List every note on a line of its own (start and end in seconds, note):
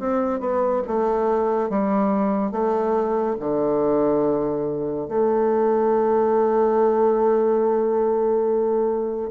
0.00 0.40 C4
0.40 0.83 B3
0.88 1.70 A3
1.70 2.52 G3
2.52 3.36 A3
3.40 5.09 D3
5.09 9.31 A3